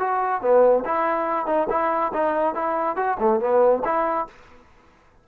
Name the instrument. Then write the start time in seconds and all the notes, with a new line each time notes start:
trombone
0.00 F#4
0.42 B3
0.85 E4
1.47 D#4
1.70 E4
2.14 D#4
2.55 E4
2.97 F#4
3.20 A3
3.41 B3
3.85 E4